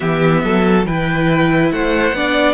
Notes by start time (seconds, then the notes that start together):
0.00 E3 B3 G4 E5
0.43 F#3 A4
0.85 E3 E4 B4 G5
1.71 A3 C5 F#5
2.12 B3 D4 D5